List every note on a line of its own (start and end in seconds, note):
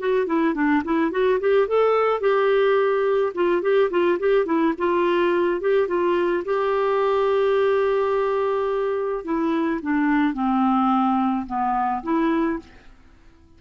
0.00 0.27 F#4
0.27 0.55 E4
0.55 0.83 D4
0.85 1.12 E4
1.12 1.40 F#4
1.40 1.68 G4
1.68 2.21 A4
2.21 3.33 G4
3.35 3.62 F4
3.62 3.90 G4
3.91 4.19 F4
4.20 4.46 G4
4.46 4.74 E4
4.78 5.61 F4
5.61 5.88 G4
5.88 6.44 F4
6.45 9.25 G4
9.25 9.81 E4
9.82 10.34 D4
10.34 11.46 C4
11.47 12.03 B3
12.04 12.60 E4